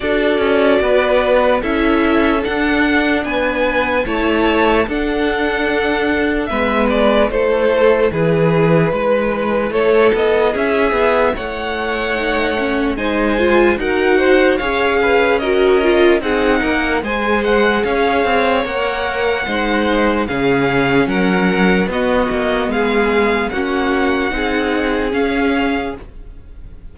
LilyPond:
<<
  \new Staff \with { instrumentName = "violin" } { \time 4/4 \tempo 4 = 74 d''2 e''4 fis''4 | gis''4 a''4 fis''2 | e''8 d''8 c''4 b'2 | cis''8 dis''8 e''4 fis''2 |
gis''4 fis''4 f''4 dis''4 | fis''4 gis''8 fis''8 f''4 fis''4~ | fis''4 f''4 fis''4 dis''4 | f''4 fis''2 f''4 | }
  \new Staff \with { instrumentName = "violin" } { \time 4/4 a'4 b'4 a'2 | b'4 cis''4 a'2 | b'4 a'4 gis'4 b'4 | a'4 gis'4 cis''2 |
c''4 ais'8 c''8 cis''8 b'8 ais'4 | gis'8 ais'8 c''4 cis''2 | c''4 gis'4 ais'4 fis'4 | gis'4 fis'4 gis'2 | }
  \new Staff \with { instrumentName = "viola" } { \time 4/4 fis'2 e'4 d'4~ | d'4 e'4 d'2 | b4 e'2.~ | e'2. dis'8 cis'8 |
dis'8 f'8 fis'4 gis'4 fis'8 f'8 | dis'4 gis'2 ais'4 | dis'4 cis'2 b4~ | b4 cis'4 dis'4 cis'4 | }
  \new Staff \with { instrumentName = "cello" } { \time 4/4 d'8 cis'8 b4 cis'4 d'4 | b4 a4 d'2 | gis4 a4 e4 gis4 | a8 b8 cis'8 b8 a2 |
gis4 dis'4 cis'2 | c'8 ais8 gis4 cis'8 c'8 ais4 | gis4 cis4 fis4 b8 ais8 | gis4 ais4 c'4 cis'4 | }
>>